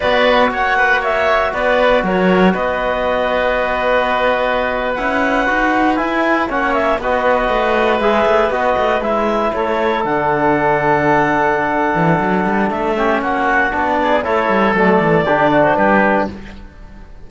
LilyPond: <<
  \new Staff \with { instrumentName = "clarinet" } { \time 4/4 \tempo 4 = 118 d''4 fis''4 e''4 d''4 | cis''4 dis''2.~ | dis''4.~ dis''16 fis''2 gis''16~ | gis''8. fis''8 e''8 dis''2 e''16~ |
e''8. dis''4 e''4 cis''4 fis''16~ | fis''1~ | fis''4 e''4 fis''4 d''4 | cis''4 d''4.~ d''16 c''16 b'4 | }
  \new Staff \with { instrumentName = "oboe" } { \time 4/4 b'4 cis''8 b'8 cis''4 b'4 | ais'4 b'2.~ | b'1~ | b'8. cis''4 b'2~ b'16~ |
b'2~ b'8. a'4~ a'16~ | a'1~ | a'4. g'8 fis'4. gis'8 | a'2 g'8 fis'8 g'4 | }
  \new Staff \with { instrumentName = "trombone" } { \time 4/4 fis'1~ | fis'1~ | fis'4.~ fis'16 e'4 fis'4 e'16~ | e'8. cis'4 fis'2 gis'16~ |
gis'8. fis'4 e'2 d'16~ | d'1~ | d'4. cis'4. d'4 | e'4 a4 d'2 | }
  \new Staff \with { instrumentName = "cello" } { \time 4/4 b4 ais2 b4 | fis4 b2.~ | b4.~ b16 cis'4 dis'4 e'16~ | e'8. ais4 b4 a4 gis16~ |
gis16 a8 b8 a8 gis4 a4 d16~ | d2.~ d8 e8 | fis8 g8 a4 ais4 b4 | a8 g8 fis8 e8 d4 g4 | }
>>